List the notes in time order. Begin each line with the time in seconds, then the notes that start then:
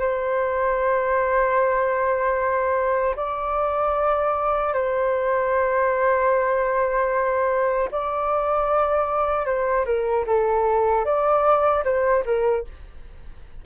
0.00 C5
3.17 D5
4.74 C5
7.92 D5
9.46 C5
9.86 A#4
10.27 A4
11.05 D5
11.85 C5
12.26 A#4